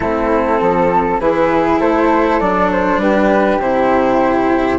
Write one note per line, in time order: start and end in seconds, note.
0.00 0.59 A3
0.00 1.21 C4
0.00 0.59 E4
0.00 1.18 A4
0.60 1.19 F3
0.60 1.20 A4
1.19 1.79 E3
1.19 2.40 E4
1.19 1.80 G#4
1.19 1.79 B4
1.80 2.40 A3
1.80 3.00 A4
1.80 2.40 C5
2.40 2.97 F#3
2.40 3.60 D4
2.40 2.70 D5
2.72 3.00 C5
2.97 3.57 G3
2.97 4.78 G4
2.97 3.60 B4
3.60 4.78 C3
3.60 4.78 E4
3.60 4.78 C5